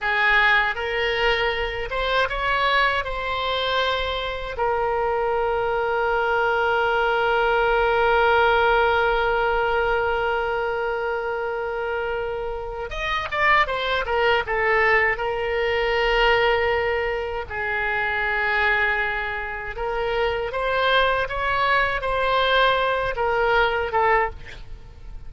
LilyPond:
\new Staff \with { instrumentName = "oboe" } { \time 4/4 \tempo 4 = 79 gis'4 ais'4. c''8 cis''4 | c''2 ais'2~ | ais'1~ | ais'1~ |
ais'4 dis''8 d''8 c''8 ais'8 a'4 | ais'2. gis'4~ | gis'2 ais'4 c''4 | cis''4 c''4. ais'4 a'8 | }